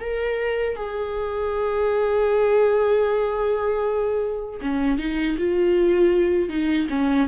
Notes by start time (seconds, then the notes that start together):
0.00 A#4
0.76 G#4
4.62 C#4
4.98 D#4
5.38 F4
6.49 D#4
6.90 C#4